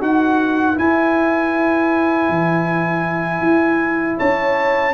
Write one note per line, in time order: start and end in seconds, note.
0.00 0.77 D#4
0.00 0.75 F#4
0.00 4.18 B4
0.00 0.78 F#5
0.75 4.93 E4
0.75 2.29 E4
0.75 4.19 G#5
2.29 3.41 E3
3.41 4.17 E4
4.18 4.94 C#4
4.18 4.94 C#5
4.18 4.94 A5